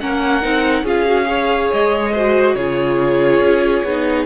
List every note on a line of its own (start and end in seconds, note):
0.00 0.44 A#3
0.00 0.42 C#4
0.00 0.83 A#4
0.00 0.86 F#5
0.42 0.83 C4
0.42 0.85 D#4
0.83 1.69 C#4
0.83 1.06 F4
0.83 1.26 G#4
0.83 1.73 F5
1.06 1.25 F#4
1.25 2.11 G#4
1.25 2.12 C#5
1.73 2.55 G#3
1.73 2.55 D#5
2.12 2.58 F#4
2.12 2.55 C5
2.55 3.40 C#3
2.55 3.87 F4
2.55 4.26 G#4
2.55 4.26 C#5
3.40 3.83 C#4
3.84 4.26 B3
3.84 4.26 D#4